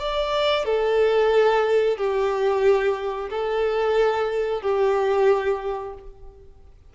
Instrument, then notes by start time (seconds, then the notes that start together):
violin
0.00 D5
0.65 A4
1.98 G4
3.30 A4
4.62 G4